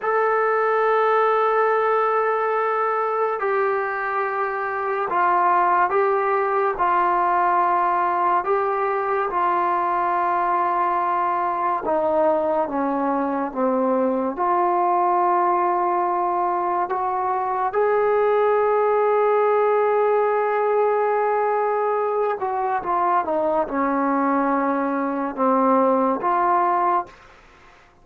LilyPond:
\new Staff \with { instrumentName = "trombone" } { \time 4/4 \tempo 4 = 71 a'1 | g'2 f'4 g'4 | f'2 g'4 f'4~ | f'2 dis'4 cis'4 |
c'4 f'2. | fis'4 gis'2.~ | gis'2~ gis'8 fis'8 f'8 dis'8 | cis'2 c'4 f'4 | }